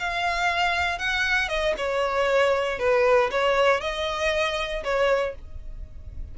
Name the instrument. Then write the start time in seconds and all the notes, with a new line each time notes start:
violin
0.00 F5
0.99 F#5
1.49 D#5
1.78 C#5
2.79 B4
3.31 C#5
3.81 D#5
4.84 C#5